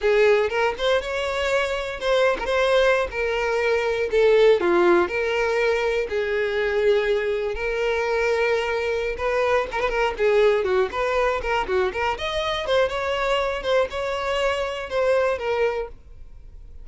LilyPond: \new Staff \with { instrumentName = "violin" } { \time 4/4 \tempo 4 = 121 gis'4 ais'8 c''8 cis''2 | c''8. ais'16 c''4~ c''16 ais'4.~ ais'16~ | ais'16 a'4 f'4 ais'4.~ ais'16~ | ais'16 gis'2. ais'8.~ |
ais'2~ ais'8 b'4 ais'16 b'16 | ais'8 gis'4 fis'8 b'4 ais'8 fis'8 | ais'8 dis''4 c''8 cis''4. c''8 | cis''2 c''4 ais'4 | }